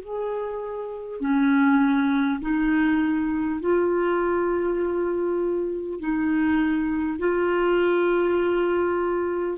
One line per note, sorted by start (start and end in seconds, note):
0.00 1.20 G#4
1.20 2.40 C#4
2.41 3.60 D#4
3.60 5.99 F4
5.99 7.18 D#4
7.18 9.58 F4